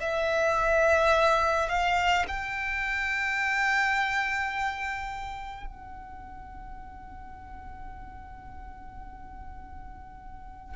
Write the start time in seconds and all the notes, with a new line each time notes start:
0.00 E5
1.69 F5
2.27 G5
5.67 F#5